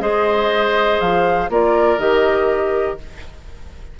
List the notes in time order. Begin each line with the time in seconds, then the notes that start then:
0.00 G#3 G#4 C5 D#5
1.00 F3 F5
1.49 A#3 F4 A#4 D5
1.98 D#3 G4 D#5